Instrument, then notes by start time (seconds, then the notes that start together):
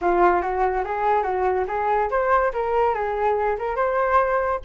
flute
0.01 F4
0.41 F#4
0.84 G#4
1.22 F#4
1.67 G#4
2.10 C5
2.53 A#4
2.94 G#4
3.58 A#4
3.76 C5